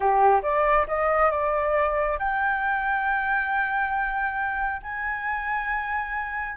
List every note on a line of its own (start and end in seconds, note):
0.00 0.41 G4
0.42 0.86 D5
0.87 1.30 D#5
1.30 2.18 D5
2.18 4.81 G5
4.82 6.57 G#5